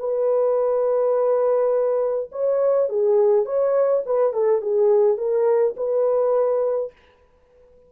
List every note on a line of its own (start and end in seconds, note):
0.00 2.31 B4
2.32 2.90 C#5
2.90 3.46 G#4
3.46 4.04 C#5
4.06 4.33 B4
4.33 4.62 A4
4.62 5.18 G#4
5.18 5.75 A#4
5.77 6.93 B4